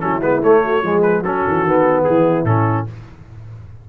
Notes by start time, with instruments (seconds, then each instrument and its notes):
0.00 tuba F#3, trombone C#4, horn E4, trumpet A4
0.21 tuba G#3, trombone B3, trumpet B4
0.42 tuba A3, trombone A3, trumpet C#5
0.64 horn F#4
0.82 tuba F3, trombone G#3, horn G#4
1.02 trumpet B4
1.21 tuba F#3, trombone C#4, horn F#4, trumpet A4
1.47 tuba E3
1.63 tuba D#3, trombone B3
2.04 tuba E3, horn E4, trumpet G#4
2.44 tuba A2, trombone C#4, trumpet A4